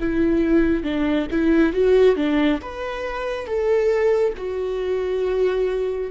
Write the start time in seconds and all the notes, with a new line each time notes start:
0.00 E4
0.83 D4
1.31 E4
1.73 F#4
2.16 D4
2.62 B4
3.47 A4
4.37 F#4